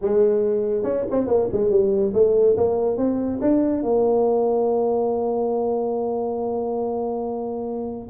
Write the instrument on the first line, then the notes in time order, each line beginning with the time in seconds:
tuba
0.01 G#3
0.83 C#4
1.10 C4
1.27 A#3
1.52 G#3
1.70 G3
2.13 A3
2.56 A#3
2.97 C4
3.41 D4
3.83 A#3